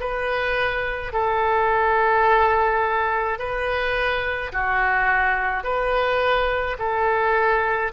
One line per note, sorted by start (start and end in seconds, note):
0.00 1.13 B4
1.13 3.39 A4
3.39 4.52 B4
4.52 5.64 F#4
5.64 6.77 B4
6.79 7.92 A4